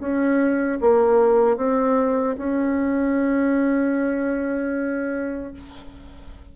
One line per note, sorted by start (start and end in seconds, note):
0.00 0.79 C#4
0.81 1.57 A#3
1.57 2.36 C4
2.38 5.54 C#4